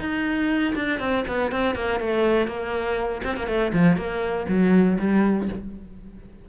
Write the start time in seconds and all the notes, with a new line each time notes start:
0.00 D#4
0.76 D4
1.00 C4
1.28 B3
1.52 C4
1.76 A#3
2.00 A3
2.47 A#3
3.24 C4
3.37 A#3
3.47 A3
3.73 F3
3.97 A#3
4.49 F#3
4.99 G3